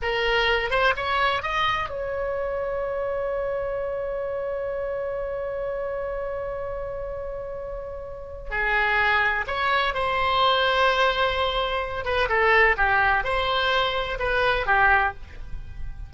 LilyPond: \new Staff \with { instrumentName = "oboe" } { \time 4/4 \tempo 4 = 127 ais'4. c''8 cis''4 dis''4 | cis''1~ | cis''1~ | cis''1~ |
cis''2 gis'2 | cis''4 c''2.~ | c''4. b'8 a'4 g'4 | c''2 b'4 g'4 | }